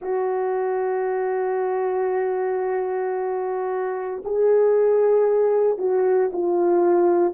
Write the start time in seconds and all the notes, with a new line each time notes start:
0.01 F#4
4.24 G#4
5.78 F#4
6.33 F4